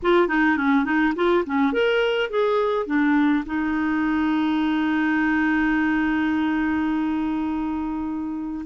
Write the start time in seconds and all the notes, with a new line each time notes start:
0.02 F4
0.28 D#4
0.57 C#4
0.84 D#4
1.15 F4
1.46 C#4
1.72 A#4
2.29 G#4
2.86 D4
3.46 D#4